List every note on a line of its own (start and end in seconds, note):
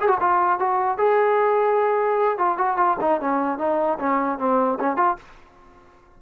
0.00 0.08 G#4
0.08 0.18 F#4
0.20 0.59 F4
0.59 0.97 F#4
0.97 2.37 G#4
2.37 2.57 F4
2.58 2.77 F#4
2.77 2.97 F4
3.00 3.20 D#4
3.20 3.58 C#4
3.58 3.98 D#4
3.99 4.38 C#4
4.38 4.78 C4
4.80 4.96 C#4
4.96 5.16 F4